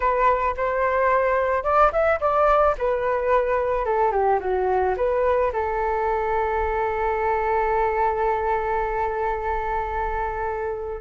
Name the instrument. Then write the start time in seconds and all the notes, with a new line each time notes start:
flute
0.00 B4
0.56 C5
1.63 D5
1.92 E5
2.20 D5
2.77 B4
3.85 A4
4.11 G4
4.40 F#4
4.96 B4
5.52 A4